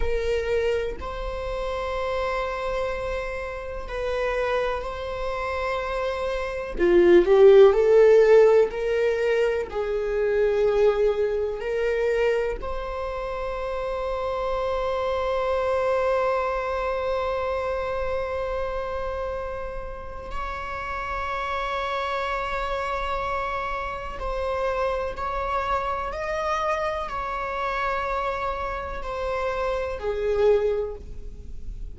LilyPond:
\new Staff \with { instrumentName = "viola" } { \time 4/4 \tempo 4 = 62 ais'4 c''2. | b'4 c''2 f'8 g'8 | a'4 ais'4 gis'2 | ais'4 c''2.~ |
c''1~ | c''4 cis''2.~ | cis''4 c''4 cis''4 dis''4 | cis''2 c''4 gis'4 | }